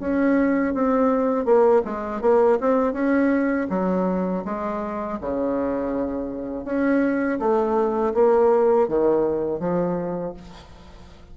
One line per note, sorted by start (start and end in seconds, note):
0.00 0.74 C#4
0.74 1.45 C4
1.45 1.82 A#3
1.85 2.22 G#3
2.22 2.59 A#3
2.61 2.93 C4
2.93 3.67 C#4
3.70 4.44 F#3
4.45 5.19 G#3
5.21 6.65 C#3
6.65 7.39 C#4
7.40 8.14 A3
8.14 8.88 A#3
8.88 9.60 D#3
9.60 10.34 F3